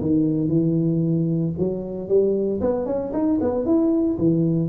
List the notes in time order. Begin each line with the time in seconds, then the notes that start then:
0.00 D#3
0.48 E3
1.58 F#3
2.08 G3
2.61 B3
2.86 C#4
3.12 D#4
3.41 B3
3.65 E4
4.18 E3